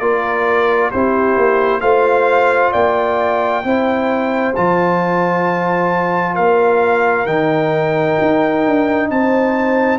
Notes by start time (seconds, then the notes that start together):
0.00 A#3 F4 A#4 D5
0.91 C4 E4 G4 C5
1.37 A#3
1.81 A3 F4 C5 F5
2.72 A#3 D5 G5
3.64 C4 E4 C5
4.56 F3 F4 A5
6.34 A#3 A#4 F5
7.26 D#3 D#4 G5
8.21 D#4
8.66 D4
9.11 C4 C5 A5